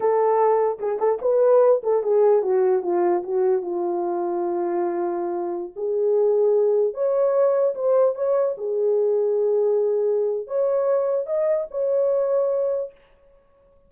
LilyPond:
\new Staff \with { instrumentName = "horn" } { \time 4/4 \tempo 4 = 149 a'2 gis'8 a'8 b'4~ | b'8 a'8 gis'4 fis'4 f'4 | fis'4 f'2.~ | f'2~ f'16 gis'4.~ gis'16~ |
gis'4~ gis'16 cis''2 c''8.~ | c''16 cis''4 gis'2~ gis'8.~ | gis'2 cis''2 | dis''4 cis''2. | }